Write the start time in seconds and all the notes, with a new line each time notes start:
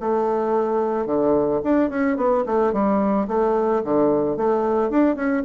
0.00 A3
1.06 D3
1.64 D4
1.89 C#4
2.17 B3
2.46 A3
2.72 G3
3.28 A3
3.84 D3
4.37 A3
4.90 D4
5.15 C#4